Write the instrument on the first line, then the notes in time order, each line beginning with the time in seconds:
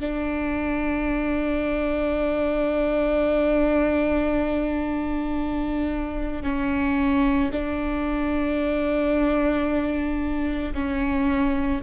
viola
0.00 D4
6.43 C#4
7.52 D4
10.74 C#4